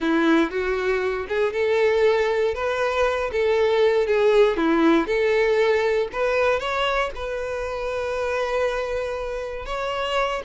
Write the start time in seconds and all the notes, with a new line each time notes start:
0.00 E4
0.50 F#4
1.28 G#4
1.52 A4
2.54 B4
3.31 A4
4.07 G#4
4.56 E4
5.06 A4
6.12 B4
6.59 C#5
7.15 B4
9.65 C#5